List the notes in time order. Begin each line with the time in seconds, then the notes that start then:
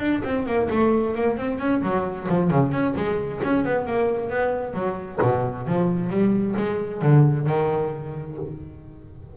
0.00 D4
0.24 C4
0.46 A#3
0.70 A3
1.15 A#3
1.37 C4
1.59 C#4
1.83 F#3
2.29 F3
2.51 C#3
2.72 C#4
2.96 G#3
3.44 C#4
3.65 B3
3.86 A#3
4.30 B3
4.74 F#3
5.22 B2
5.67 F3
6.10 G3
6.57 G#3
7.02 D3
7.47 D#3